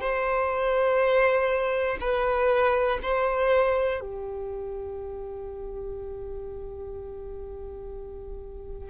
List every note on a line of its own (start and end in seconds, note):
0.00 1.97 C5
2.00 2.99 B4
3.02 4.00 C5
4.00 8.89 G4